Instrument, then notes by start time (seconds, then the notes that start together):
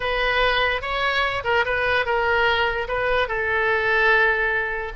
oboe
0.00 B4
0.81 C#5
1.44 A#4
1.65 B4
2.05 A#4
2.88 B4
3.28 A4